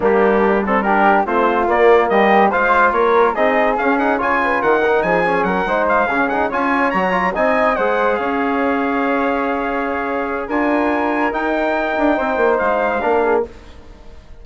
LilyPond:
<<
  \new Staff \with { instrumentName = "trumpet" } { \time 4/4 \tempo 4 = 143 g'4. a'8 ais'4 c''4 | d''4 dis''4 f''4 cis''4 | dis''4 f''8 fis''8 gis''4 fis''4 | gis''4 fis''4 f''4 fis''8 gis''8~ |
gis''8 ais''4 gis''4 fis''4 f''8~ | f''1~ | f''4 gis''2 g''4~ | g''2 f''2 | }
  \new Staff \with { instrumentName = "flute" } { \time 4/4 d'2 g'4 f'4~ | f'4 g'4 c''4 ais'4 | gis'2 cis''8 b'8 ais'4 | gis'4 ais'8 c''4 gis'4 cis''8~ |
cis''4. dis''4 c''4 cis''8~ | cis''1~ | cis''4 ais'2.~ | ais'4 c''2 ais'8 gis'8 | }
  \new Staff \with { instrumentName = "trombone" } { \time 4/4 ais4. c'8 d'4 c'4 | ais2 f'2 | dis'4 cis'8 dis'8 f'4. dis'8~ | dis'8 cis'4 dis'4 cis'8 dis'8 f'8~ |
f'8 fis'8 f'8 dis'4 gis'4.~ | gis'1~ | gis'4 f'2 dis'4~ | dis'2. d'4 | }
  \new Staff \with { instrumentName = "bassoon" } { \time 4/4 g2. a4 | ais4 g4 gis4 ais4 | c'4 cis'4 cis4 dis4 | f4 fis8 gis4 cis4 cis'8~ |
cis'8 fis4 c'4 gis4 cis'8~ | cis'1~ | cis'4 d'2 dis'4~ | dis'8 d'8 c'8 ais8 gis4 ais4 | }
>>